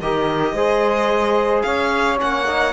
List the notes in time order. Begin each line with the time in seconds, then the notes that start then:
0.00 D#3 G4 A#4 D#5
0.53 G#3 G#4 C5
1.62 C#4 C#5 F5
2.18 A#3 C#4 F#5
2.46 D#4